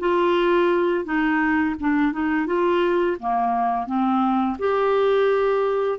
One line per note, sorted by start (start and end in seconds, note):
0.00 1.05 F4
1.05 1.76 D#4
1.81 2.13 D4
2.13 2.47 D#4
2.47 3.18 F4
3.20 3.87 A#3
3.87 4.57 C4
4.59 5.99 G4